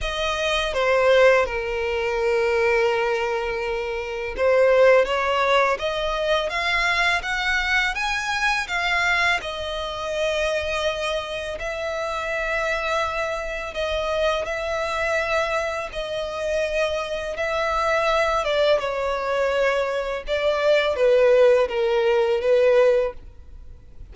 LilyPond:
\new Staff \with { instrumentName = "violin" } { \time 4/4 \tempo 4 = 83 dis''4 c''4 ais'2~ | ais'2 c''4 cis''4 | dis''4 f''4 fis''4 gis''4 | f''4 dis''2. |
e''2. dis''4 | e''2 dis''2 | e''4. d''8 cis''2 | d''4 b'4 ais'4 b'4 | }